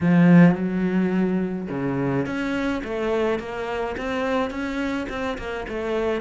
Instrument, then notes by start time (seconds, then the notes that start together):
cello
0.01 F3
0.54 F#3
1.69 C#3
2.25 C#4
2.84 A3
3.39 A#3
3.97 C4
4.50 C#4
5.09 C4
5.38 A#3
5.68 A3